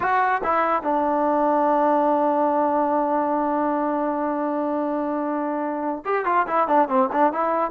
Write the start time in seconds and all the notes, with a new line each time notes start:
0.00 F#4
0.43 E4
0.82 D4
6.05 G4
6.25 F4
6.47 E4
6.67 D4
6.88 C4
7.12 D4
7.32 E4